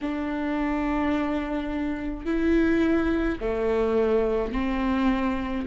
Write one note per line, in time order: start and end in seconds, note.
0.01 2.25 D4
2.25 3.38 E4
3.40 4.52 A3
4.52 5.65 C4